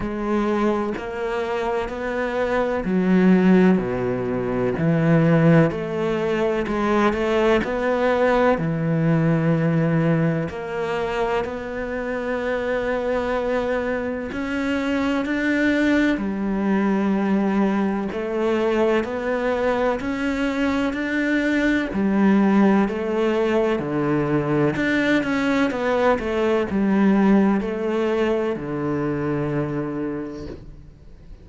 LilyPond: \new Staff \with { instrumentName = "cello" } { \time 4/4 \tempo 4 = 63 gis4 ais4 b4 fis4 | b,4 e4 a4 gis8 a8 | b4 e2 ais4 | b2. cis'4 |
d'4 g2 a4 | b4 cis'4 d'4 g4 | a4 d4 d'8 cis'8 b8 a8 | g4 a4 d2 | }